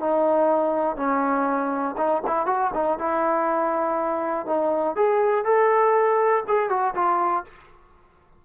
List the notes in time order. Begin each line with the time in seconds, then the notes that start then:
0.00 D#4
0.96 C#4
1.98 D#4
2.27 E4
2.46 F#4
2.74 D#4
2.99 E4
4.46 D#4
4.96 G#4
5.45 A4
6.48 G#4
6.70 F#4
6.95 F4